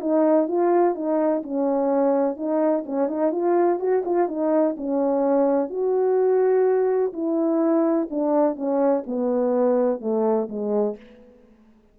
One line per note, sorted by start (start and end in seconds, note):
0.00 0.47 D#4
0.47 0.95 F4
0.95 1.42 D#4
1.42 2.36 C#4
2.36 2.84 D#4
2.85 3.07 C#4
3.07 3.31 D#4
3.31 3.79 F4
3.79 4.03 F#4
4.05 4.28 F4
4.28 4.75 D#4
4.77 5.69 C#4
5.69 7.12 F#4
7.13 8.08 E4
8.10 8.56 D4
8.56 9.03 C#4
9.06 10.00 B3
10.00 10.48 A3
10.48 10.96 G#3